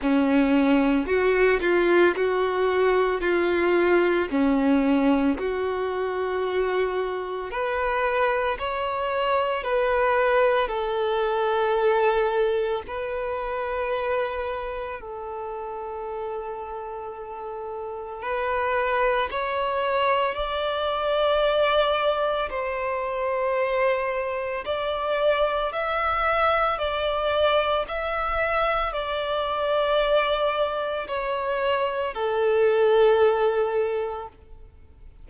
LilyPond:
\new Staff \with { instrumentName = "violin" } { \time 4/4 \tempo 4 = 56 cis'4 fis'8 f'8 fis'4 f'4 | cis'4 fis'2 b'4 | cis''4 b'4 a'2 | b'2 a'2~ |
a'4 b'4 cis''4 d''4~ | d''4 c''2 d''4 | e''4 d''4 e''4 d''4~ | d''4 cis''4 a'2 | }